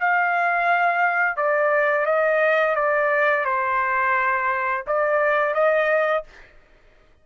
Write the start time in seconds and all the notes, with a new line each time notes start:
0.00 F5
1.37 D5
2.06 D#5
2.76 D5
3.45 C5
4.87 D5
5.55 D#5